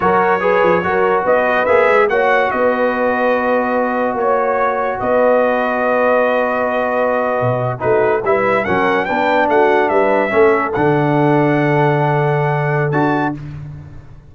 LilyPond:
<<
  \new Staff \with { instrumentName = "trumpet" } { \time 4/4 \tempo 4 = 144 cis''2. dis''4 | e''4 fis''4 dis''2~ | dis''2 cis''2 | dis''1~ |
dis''2~ dis''8. b'4 e''16~ | e''8. fis''4 g''4 fis''4 e''16~ | e''4.~ e''16 fis''2~ fis''16~ | fis''2. a''4 | }
  \new Staff \with { instrumentName = "horn" } { \time 4/4 ais'4 b'4 ais'4 b'4~ | b'4 cis''4 b'2~ | b'2 cis''2 | b'1~ |
b'2~ b'8. fis'4 b'16~ | b'8. ais'4 b'4 fis'4 b'16~ | b'8. a'2.~ a'16~ | a'1 | }
  \new Staff \with { instrumentName = "trombone" } { \time 4/4 fis'4 gis'4 fis'2 | gis'4 fis'2.~ | fis'1~ | fis'1~ |
fis'2~ fis'8. dis'4 e'16~ | e'8. cis'4 d'2~ d'16~ | d'8. cis'4 d'2~ d'16~ | d'2. fis'4 | }
  \new Staff \with { instrumentName = "tuba" } { \time 4/4 fis4. f8 fis4 b4 | ais8 gis8 ais4 b2~ | b2 ais2 | b1~ |
b4.~ b16 b,4 a4 g16~ | g8. fis4 b4 a4 g16~ | g8. a4 d2~ d16~ | d2. d'4 | }
>>